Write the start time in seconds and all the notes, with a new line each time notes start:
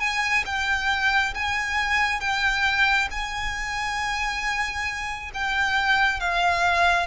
0.00 G#5
0.46 G5
1.34 G#5
2.20 G5
3.10 G#5
5.34 G5
6.20 F5